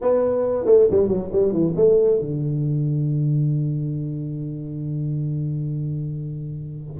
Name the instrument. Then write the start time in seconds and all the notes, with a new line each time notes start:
tuba
0.01 B3
0.65 A3
0.90 G3
1.07 F#3
1.32 G3
1.52 E3
1.76 A3
2.19 D3